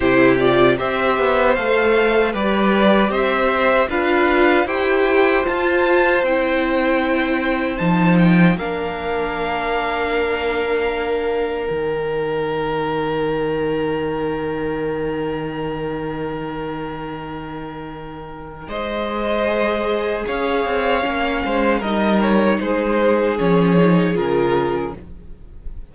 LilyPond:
<<
  \new Staff \with { instrumentName = "violin" } { \time 4/4 \tempo 4 = 77 c''8 d''8 e''4 f''4 d''4 | e''4 f''4 g''4 a''4 | g''2 a''8 g''8 f''4~ | f''2. g''4~ |
g''1~ | g''1 | dis''2 f''2 | dis''8 cis''8 c''4 cis''4 ais'4 | }
  \new Staff \with { instrumentName = "violin" } { \time 4/4 g'4 c''2 b'4 | c''4 b'4 c''2~ | c''2. ais'4~ | ais'1~ |
ais'1~ | ais'1 | c''2 cis''4. c''8 | ais'4 gis'2. | }
  \new Staff \with { instrumentName = "viola" } { \time 4/4 e'8 f'8 g'4 a'4 g'4~ | g'4 f'4 g'4 f'4 | e'2 dis'4 d'4~ | d'2. dis'4~ |
dis'1~ | dis'1~ | dis'4 gis'2 cis'4 | dis'2 cis'8 dis'8 f'4 | }
  \new Staff \with { instrumentName = "cello" } { \time 4/4 c4 c'8 b8 a4 g4 | c'4 d'4 e'4 f'4 | c'2 f4 ais4~ | ais2. dis4~ |
dis1~ | dis1 | gis2 cis'8 c'8 ais8 gis8 | g4 gis4 f4 cis4 | }
>>